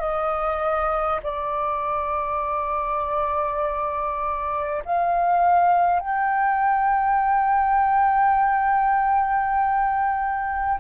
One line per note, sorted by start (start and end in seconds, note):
0.00 1.20 D#5
1.23 4.83 D5
4.85 6.00 F5
6.00 10.80 G5